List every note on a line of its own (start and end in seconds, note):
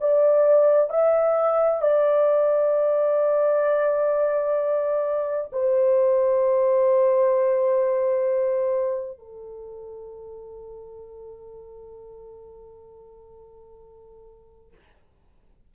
0.00 0.89 D5
0.89 1.82 E5
1.82 5.51 D5
5.52 9.18 C5
9.18 14.72 A4